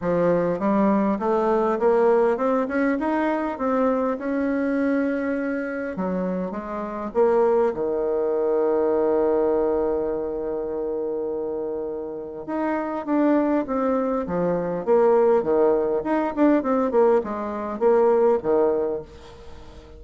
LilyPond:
\new Staff \with { instrumentName = "bassoon" } { \time 4/4 \tempo 4 = 101 f4 g4 a4 ais4 | c'8 cis'8 dis'4 c'4 cis'4~ | cis'2 fis4 gis4 | ais4 dis2.~ |
dis1~ | dis4 dis'4 d'4 c'4 | f4 ais4 dis4 dis'8 d'8 | c'8 ais8 gis4 ais4 dis4 | }